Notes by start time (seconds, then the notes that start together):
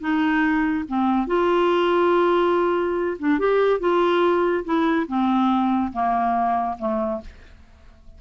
0.00 D#4
0.88 C4
1.27 F4
3.19 D4
3.39 G4
3.80 F4
4.64 E4
5.07 C4
5.92 A#3
6.79 A3